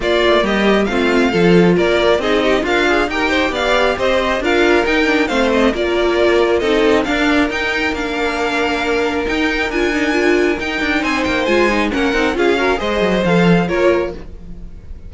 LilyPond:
<<
  \new Staff \with { instrumentName = "violin" } { \time 4/4 \tempo 4 = 136 d''4 dis''4 f''2 | d''4 dis''4 f''4 g''4 | f''4 dis''4 f''4 g''4 | f''8 dis''8 d''2 dis''4 |
f''4 g''4 f''2~ | f''4 g''4 gis''2 | g''4 gis''8 g''8 gis''4 fis''4 | f''4 dis''4 f''4 cis''4 | }
  \new Staff \with { instrumentName = "violin" } { \time 4/4 f'4 g'4 f'4 a'4 | ais'4 gis'8 g'8 f'4 ais'8 c''8 | d''4 c''4 ais'2 | c''4 ais'2 a'4 |
ais'1~ | ais'1~ | ais'4 c''2 ais'4 | gis'8 ais'8 c''2 ais'4 | }
  \new Staff \with { instrumentName = "viola" } { \time 4/4 ais2 c'4 f'4~ | f'4 dis'4 ais'8 gis'8 g'4~ | g'2 f'4 dis'8 d'8 | c'4 f'2 dis'4 |
d'4 dis'4 d'2~ | d'4 dis'4 f'8 dis'8 f'4 | dis'2 f'8 dis'8 cis'8 dis'8 | f'8 fis'8 gis'4 a'4 f'4 | }
  \new Staff \with { instrumentName = "cello" } { \time 4/4 ais8 a8 g4 a4 f4 | ais4 c'4 d'4 dis'4 | b4 c'4 d'4 dis'4 | a4 ais2 c'4 |
d'4 dis'4 ais2~ | ais4 dis'4 d'2 | dis'8 d'8 c'8 ais8 gis4 ais8 c'8 | cis'4 gis8 fis8 f4 ais4 | }
>>